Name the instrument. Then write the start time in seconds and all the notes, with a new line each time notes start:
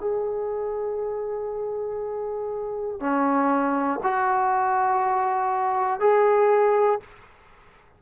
trombone
0.00 G#4
3.00 C#4
4.03 F#4
6.00 G#4